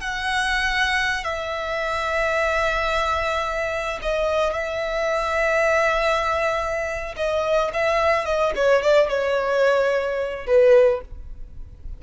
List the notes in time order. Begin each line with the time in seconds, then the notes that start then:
0.00 F#5
1.24 E5
4.01 D#5
4.53 E5
7.16 D#5
7.73 E5
8.25 D#5
8.55 C#5
8.82 D5
9.09 C#5
10.46 B4